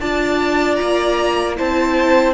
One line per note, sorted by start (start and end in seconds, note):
0.00 0.79 D4
0.00 1.56 F4
0.00 1.56 D5
0.00 0.75 A5
0.75 1.59 A#3
0.75 1.53 A#5
1.56 2.33 C4
1.56 2.33 E4
1.56 2.33 C5
1.56 2.33 A5